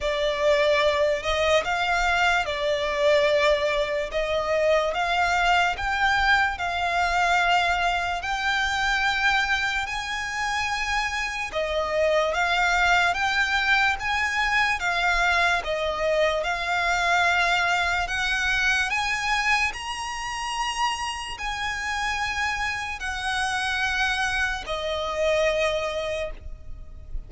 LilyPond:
\new Staff \with { instrumentName = "violin" } { \time 4/4 \tempo 4 = 73 d''4. dis''8 f''4 d''4~ | d''4 dis''4 f''4 g''4 | f''2 g''2 | gis''2 dis''4 f''4 |
g''4 gis''4 f''4 dis''4 | f''2 fis''4 gis''4 | ais''2 gis''2 | fis''2 dis''2 | }